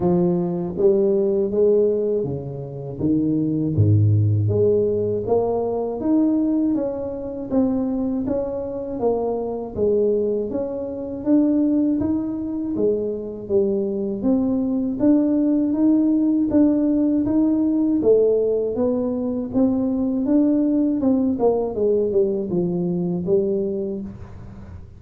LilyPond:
\new Staff \with { instrumentName = "tuba" } { \time 4/4 \tempo 4 = 80 f4 g4 gis4 cis4 | dis4 gis,4 gis4 ais4 | dis'4 cis'4 c'4 cis'4 | ais4 gis4 cis'4 d'4 |
dis'4 gis4 g4 c'4 | d'4 dis'4 d'4 dis'4 | a4 b4 c'4 d'4 | c'8 ais8 gis8 g8 f4 g4 | }